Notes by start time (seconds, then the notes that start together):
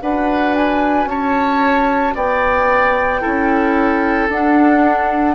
0.00 D4 F#4 B4 F#5
0.55 G#5
1.05 C#4 C#5 A5
2.15 B3 D5 G5
3.21 C#4 E4 A4
4.29 D4 F#5